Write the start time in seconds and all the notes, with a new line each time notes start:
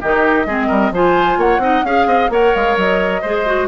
0.00 D#3 D#4 G4 D#5
0.45 G#3 C4 G#4
0.67 G3 A#4
0.91 F3 F4 C5 G#5
1.37 A#3 C#5 F#5
1.58 C4 D#4 D#5
1.84 C#4 G#4 F5
2.06 C4 D#5
2.29 A#3 A#4 C#5 F#5
2.54 G#3 F5
2.76 F#3 D#5
3.21 G#3 G#4 C5
3.45 F#4